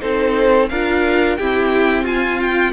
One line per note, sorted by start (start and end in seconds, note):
0.00 0.71 C4
0.00 0.68 D#4
0.00 0.70 A4
0.00 0.70 C5
0.70 1.39 D4
0.70 1.41 F4
0.70 1.38 A#4
0.70 1.37 F5
1.37 2.73 C4
1.37 2.04 E4
1.37 2.05 G4
1.37 2.05 G5
2.04 2.72 F4
2.04 2.73 F4
2.04 2.40 G#5
2.41 2.73 G5